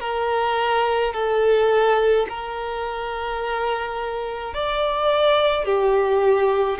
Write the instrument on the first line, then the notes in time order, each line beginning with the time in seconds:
violin
0.00 A#4
1.13 A4
2.28 A#4
4.53 D5
5.64 G4